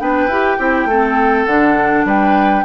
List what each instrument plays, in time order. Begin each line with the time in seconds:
0.00 bassoon B3, clarinet D4, oboe B4, flute G5
0.28 bassoon E4, clarinet G4
0.58 bassoon C4, clarinet E4, oboe G4
0.85 bassoon A3, clarinet C4, oboe A4
1.46 bassoon D3, clarinet D4, flute F#5
2.05 bassoon G3, oboe B4, flute G5